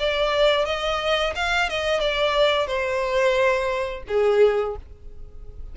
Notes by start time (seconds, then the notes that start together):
0.00 D5
0.66 D#5
1.36 F5
1.70 D#5
2.01 D5
2.67 C5
4.08 G#4